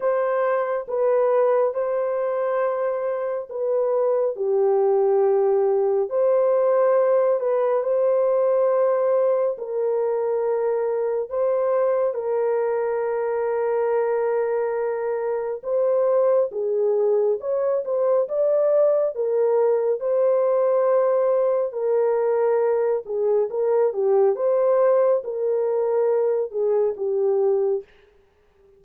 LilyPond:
\new Staff \with { instrumentName = "horn" } { \time 4/4 \tempo 4 = 69 c''4 b'4 c''2 | b'4 g'2 c''4~ | c''8 b'8 c''2 ais'4~ | ais'4 c''4 ais'2~ |
ais'2 c''4 gis'4 | cis''8 c''8 d''4 ais'4 c''4~ | c''4 ais'4. gis'8 ais'8 g'8 | c''4 ais'4. gis'8 g'4 | }